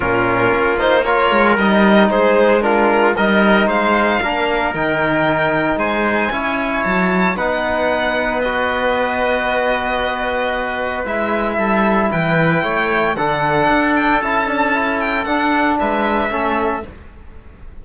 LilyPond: <<
  \new Staff \with { instrumentName = "violin" } { \time 4/4 \tempo 4 = 114 ais'4. c''8 cis''4 dis''4 | c''4 ais'4 dis''4 f''4~ | f''4 g''2 gis''4~ | gis''4 a''4 fis''2 |
dis''1~ | dis''4 e''2 g''4~ | g''4 fis''4. g''8 a''4~ | a''8 g''8 fis''4 e''2 | }
  \new Staff \with { instrumentName = "trumpet" } { \time 4/4 f'2 ais'2 | gis'4 f'4 ais'4 c''4 | ais'2. c''4 | cis''2 b'2~ |
b'1~ | b'2 a'4 b'4 | cis''4 a'2.~ | a'2 b'4 a'4 | }
  \new Staff \with { instrumentName = "trombone" } { \time 4/4 cis'4. dis'8 f'4 dis'4~ | dis'4 d'4 dis'2 | d'4 dis'2. | e'2 dis'2 |
fis'1~ | fis'4 e'2.~ | e'4 d'2 e'8 d'8 | e'4 d'2 cis'4 | }
  \new Staff \with { instrumentName = "cello" } { \time 4/4 ais,4 ais4. gis8 g4 | gis2 g4 gis4 | ais4 dis2 gis4 | cis'4 fis4 b2~ |
b1~ | b4 gis4 g4 e4 | a4 d4 d'4 cis'4~ | cis'4 d'4 gis4 a4 | }
>>